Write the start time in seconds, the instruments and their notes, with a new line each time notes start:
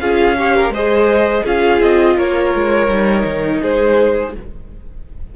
0.00 cello C#4, viola F4, violin G#4 F5
0.38 viola G4, violin C#5
0.56 violin A#4
0.69 cello G#3, viola G#4, violin C5 D#5
1.43 cello C#4, viola F4, violin G#4 F5
1.81 cello C4, violin D#5
2.16 cello A#3, violin A#4 C#5
2.54 cello G#3
2.87 cello G3, viola D#4
3.25 cello D#3
3.61 cello G#3, violin G#4 C5